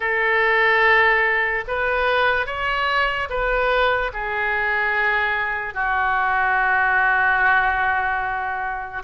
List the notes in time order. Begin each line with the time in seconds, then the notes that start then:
0.00 A4
1.67 B4
2.46 C#5
3.29 B4
4.13 G#4
5.73 F#4